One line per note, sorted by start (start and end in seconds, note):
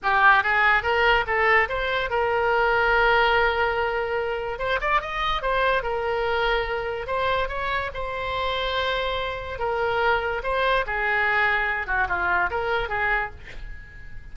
0.02 0.43 G4
0.43 0.83 G#4
0.83 1.24 A#4
1.27 1.68 A4
1.68 2.09 C5
2.09 4.58 A#4
4.58 4.79 C5
4.80 5.01 D5
5.01 5.42 D#5
5.42 5.82 C5
5.82 7.07 A#4
7.07 7.48 C5
7.48 7.90 C#5
7.94 9.58 C5
9.58 10.42 A#4
10.43 10.85 C5
10.86 11.86 G#4
11.86 12.07 F#4
12.08 12.50 F4
12.50 12.88 A#4
12.88 13.30 G#4